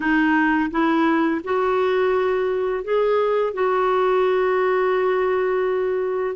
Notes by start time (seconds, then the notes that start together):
0.00 D#4
0.70 E4
1.44 F#4
2.84 G#4
3.53 F#4